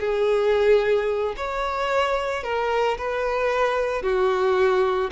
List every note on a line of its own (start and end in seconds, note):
0.00 1.35 G#4
1.37 2.43 C#5
2.43 2.98 A#4
2.98 4.03 B4
4.03 5.11 F#4